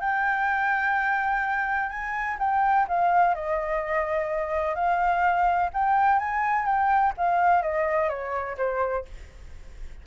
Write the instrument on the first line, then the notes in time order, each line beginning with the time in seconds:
flute
0.00 G5
1.89 G#5
2.39 G5
2.88 F5
3.34 D#5
4.75 F5
5.73 G5
6.19 G#5
6.65 G5
7.17 F5
7.62 D#5
8.09 C#5
8.57 C5